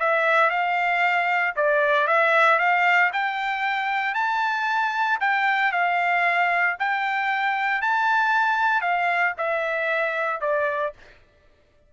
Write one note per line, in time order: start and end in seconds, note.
0.00 0.51 E5
0.51 1.55 F5
1.56 2.07 D5
2.07 2.59 E5
2.59 3.11 F5
3.13 4.15 G5
4.15 5.19 A5
5.21 5.72 G5
5.72 6.77 F5
6.79 7.82 G5
7.82 8.82 A5
8.82 9.34 F5
9.38 10.41 E5
10.41 10.93 D5